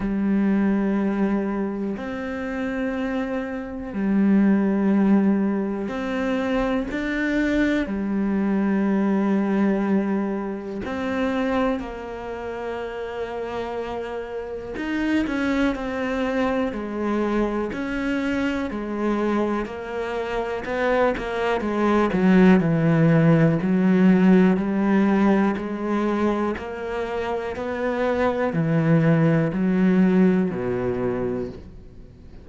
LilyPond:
\new Staff \with { instrumentName = "cello" } { \time 4/4 \tempo 4 = 61 g2 c'2 | g2 c'4 d'4 | g2. c'4 | ais2. dis'8 cis'8 |
c'4 gis4 cis'4 gis4 | ais4 b8 ais8 gis8 fis8 e4 | fis4 g4 gis4 ais4 | b4 e4 fis4 b,4 | }